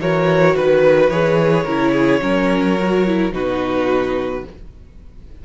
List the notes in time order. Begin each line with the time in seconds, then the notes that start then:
0.00 E3 F#4 A#4 C#5
0.56 D#3 B4
1.09 E3 G#4 C#5
1.64 C#3 E4 A#4
1.93 G#4
2.22 F#3 C#4 A#4
2.80 F#4
3.08 E4
3.32 B2 D#4 F#4 B4